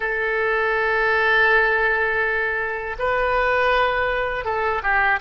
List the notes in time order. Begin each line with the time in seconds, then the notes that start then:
0.00 A4
2.98 B4
4.44 A4
4.82 G4